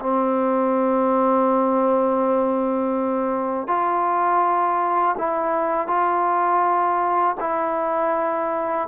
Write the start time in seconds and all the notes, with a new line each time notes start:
0.00 C4
3.67 F4
5.18 E4
5.87 F4
7.40 E4